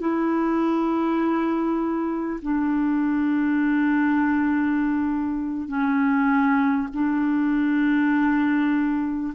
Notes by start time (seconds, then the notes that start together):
0.00 E4
2.42 D4
5.68 C#4
6.94 D4